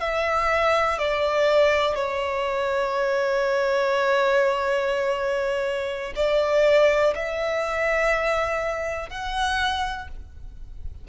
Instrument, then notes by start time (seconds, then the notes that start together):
violin
0.00 E5
0.98 D5
1.95 C#5
6.15 D5
7.14 E5
9.09 F#5